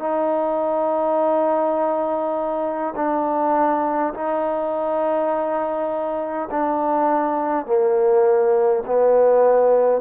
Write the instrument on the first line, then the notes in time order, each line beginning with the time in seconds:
trombone
0.00 D#4
2.96 D4
4.14 D#4
6.51 D4
7.66 A#3
8.87 B3